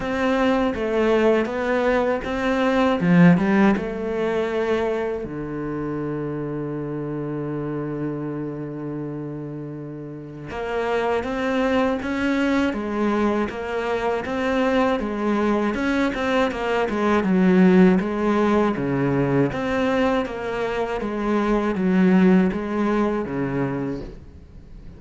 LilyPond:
\new Staff \with { instrumentName = "cello" } { \time 4/4 \tempo 4 = 80 c'4 a4 b4 c'4 | f8 g8 a2 d4~ | d1~ | d2 ais4 c'4 |
cis'4 gis4 ais4 c'4 | gis4 cis'8 c'8 ais8 gis8 fis4 | gis4 cis4 c'4 ais4 | gis4 fis4 gis4 cis4 | }